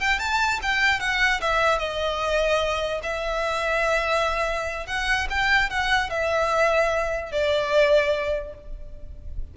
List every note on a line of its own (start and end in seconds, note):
0.00 0.19 G5
0.19 0.60 A5
0.62 0.99 G5
0.99 1.40 F#5
1.40 1.78 E5
1.78 3.01 D#5
3.03 4.86 E5
4.86 5.27 F#5
5.29 5.69 G5
5.69 6.09 F#5
6.09 7.31 E5
7.31 8.54 D5